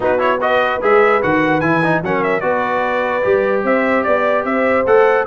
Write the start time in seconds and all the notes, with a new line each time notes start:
0.00 B3 D#4 F#4 B4
0.18 E4 C#5
0.40 F#4 B4 D#5
0.81 G#3 G#4 E5
1.22 D#3 F#4 F#5
1.60 E3 E4 G#5
1.83 D#4
2.02 F#3 C#4 A#4 F#5
2.23 E5
2.40 B3 F#4 B4 D5
3.23 G3 G4
3.63 C4 C5 E5
4.03 B3 D5
4.44 C4 C5 E5
4.86 A3 A4 F#5